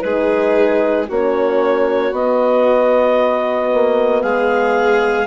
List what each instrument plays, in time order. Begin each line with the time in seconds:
0.00 bassoon G#3, horn D#4, violin G#4, clarinet B4
1.09 bassoon A#3, horn C#4, violin F#4, clarinet C#5
2.11 bassoon B3, horn B3, clarinet D#5
3.74 bassoon A#3
4.22 bassoon G#3, violin G#4, clarinet F5